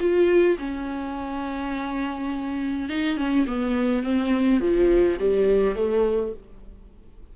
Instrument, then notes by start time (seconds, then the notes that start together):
viola
0.00 F4
0.58 C#4
2.89 D#4
3.17 C#4
3.47 B3
4.03 C4
4.60 F3
5.20 G3
5.75 A3